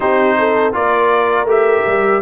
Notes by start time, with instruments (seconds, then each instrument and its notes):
0.00 tuba C4, trombone D#4, horn G4, trumpet C5
0.38 horn A4
0.72 tuba A#3, trombone F4, horn A#4, trumpet D5
1.45 tuba A3, trombone G4, trumpet E5
1.86 tuba G3